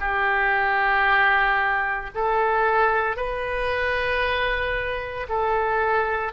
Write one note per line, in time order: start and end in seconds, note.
0.00 2.11 G4
2.15 3.16 A4
3.16 5.27 B4
5.29 6.33 A4